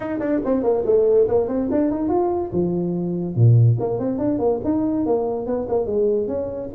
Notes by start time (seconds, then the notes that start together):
0.00 D#4
0.19 D4
0.44 C4
0.63 A#3
0.85 A3
1.28 A#3
1.48 C4
1.71 D4
1.90 D#4
2.09 F4
2.52 F3
3.35 A#2
3.79 A#3
3.99 C4
4.18 D4
4.38 A#3
4.64 D#4
5.06 A#3
5.46 B3
5.68 A#3
5.86 G#3
6.27 C#4